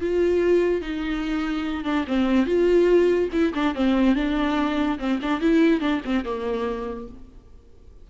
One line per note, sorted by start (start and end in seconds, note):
0.00 0.81 F4
0.81 1.84 D#4
1.84 2.05 D4
2.07 2.46 C4
2.46 3.29 F4
3.32 3.53 E4
3.53 3.74 D4
3.74 4.15 C4
4.15 4.98 D4
4.98 5.19 C4
5.22 5.40 D4
5.40 5.80 E4
5.80 6.01 D4
6.05 6.24 C4
6.24 7.08 A#3